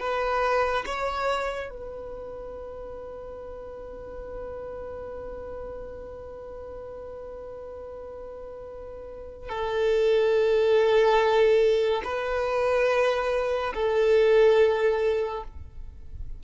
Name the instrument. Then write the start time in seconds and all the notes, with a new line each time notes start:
violin
0.00 B4
0.86 C#5
1.70 B4
9.49 A4
12.05 B4
13.75 A4